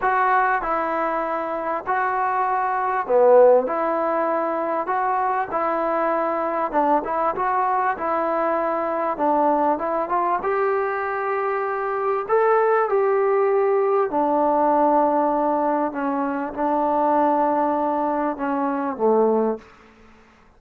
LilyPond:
\new Staff \with { instrumentName = "trombone" } { \time 4/4 \tempo 4 = 98 fis'4 e'2 fis'4~ | fis'4 b4 e'2 | fis'4 e'2 d'8 e'8 | fis'4 e'2 d'4 |
e'8 f'8 g'2. | a'4 g'2 d'4~ | d'2 cis'4 d'4~ | d'2 cis'4 a4 | }